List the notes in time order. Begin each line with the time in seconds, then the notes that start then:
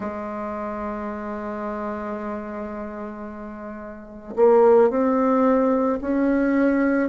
0.00 G#3
4.36 A#3
4.90 C4
6.00 C#4